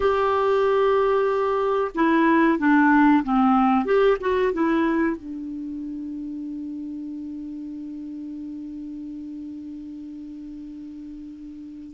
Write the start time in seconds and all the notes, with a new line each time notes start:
0.00 G4
1.94 E4
2.58 D4
3.23 C4
3.85 G4
4.20 F#4
4.52 E4
5.16 D4